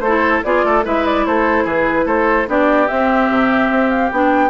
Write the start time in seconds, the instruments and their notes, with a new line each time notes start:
0.00 bassoon A3, oboe A4, flute C5
0.07 clarinet E4
0.44 bassoon B3, clarinet F4, oboe G#4, flute D5
0.64 bassoon A3, oboe A4
0.84 bassoon G#3, clarinet E4, oboe B4, flute E5
1.06 flute D5
1.26 bassoon A3, oboe A4, flute C5
1.64 bassoon E3, oboe G#4, flute B4
2.05 bassoon A3, oboe A4, flute C5
2.47 bassoon B3, clarinet D4, oboe G4, flute D5
2.88 clarinet C4, bassoon C4, flute E5
3.30 bassoon C3
3.70 bassoon C4
3.90 flute F5
4.12 bassoon B3, clarinet D4, flute G5